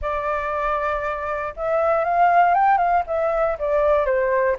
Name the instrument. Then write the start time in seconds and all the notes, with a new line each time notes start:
flute
0.01 D5
1.56 E5
2.04 F5
2.54 G5
2.77 F5
3.06 E5
3.58 D5
4.05 C5